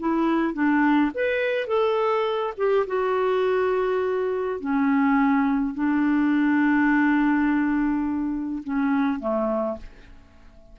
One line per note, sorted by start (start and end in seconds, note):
0.00 0.54 E4
0.54 1.11 D4
1.15 1.68 B4
1.68 2.54 A4
2.58 2.86 G4
2.87 4.60 F#4
4.60 5.75 C#4
5.75 8.63 D4
8.64 9.20 C#4
9.20 9.78 A3